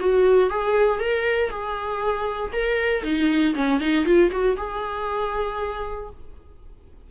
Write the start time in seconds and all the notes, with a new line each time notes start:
0.00 F#4
0.50 G#4
1.00 A#4
1.50 G#4
2.53 A#4
3.04 D#4
3.55 C#4
3.80 D#4
4.05 F4
4.31 F#4
4.57 G#4